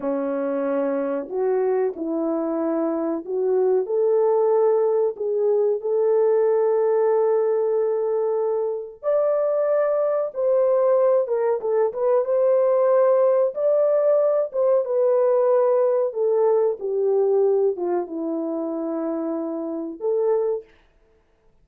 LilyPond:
\new Staff \with { instrumentName = "horn" } { \time 4/4 \tempo 4 = 93 cis'2 fis'4 e'4~ | e'4 fis'4 a'2 | gis'4 a'2.~ | a'2 d''2 |
c''4. ais'8 a'8 b'8 c''4~ | c''4 d''4. c''8 b'4~ | b'4 a'4 g'4. f'8 | e'2. a'4 | }